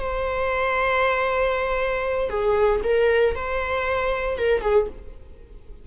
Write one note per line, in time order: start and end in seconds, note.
0.00 2.29 C5
2.29 2.80 G#4
2.83 3.35 A#4
3.35 4.38 C5
4.38 4.61 A#4
4.61 4.86 G#4